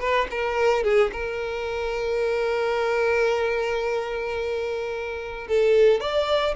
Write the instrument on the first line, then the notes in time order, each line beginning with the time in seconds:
violin
0.00 B4
0.31 A#4
0.84 G#4
1.13 A#4
5.48 A4
6.00 D5